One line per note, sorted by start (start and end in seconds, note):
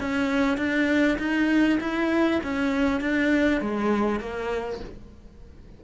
0.00 0.57 C#4
0.57 1.18 D4
1.18 1.79 D#4
1.80 2.40 E4
2.43 3.01 C#4
3.01 3.61 D4
3.61 4.20 G#3
4.20 4.80 A#3